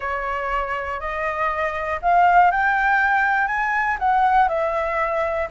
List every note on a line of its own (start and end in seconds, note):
0.00 1.00 C#5
1.00 2.00 D#5
2.02 2.51 F5
2.51 3.47 G5
3.47 3.97 G#5
3.99 4.48 F#5
4.48 5.48 E5